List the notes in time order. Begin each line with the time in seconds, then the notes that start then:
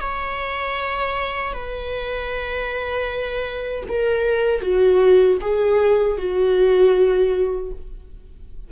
0.00 C#5
1.52 B4
3.88 A#4
4.60 F#4
5.41 G#4
6.17 F#4